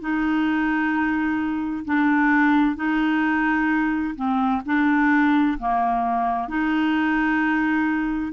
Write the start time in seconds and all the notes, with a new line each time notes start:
0.00 D#4
1.85 D4
2.76 D#4
4.16 C4
4.66 D4
5.58 A#3
6.48 D#4